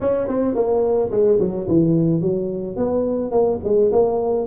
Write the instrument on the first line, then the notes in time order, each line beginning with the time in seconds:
tuba
0.00 C#4
0.27 C4
0.54 A#3
1.11 G#3
1.39 F#3
1.67 E3
2.21 F#3
2.76 B3
3.31 A#3
3.64 G#3
3.91 A#3